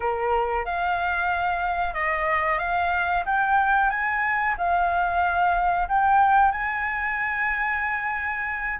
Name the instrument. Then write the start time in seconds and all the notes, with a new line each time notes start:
flute
0.00 A#4
0.65 F5
1.94 D#5
2.58 F5
3.25 G5
3.90 G#5
4.57 F5
5.88 G5
6.51 G#5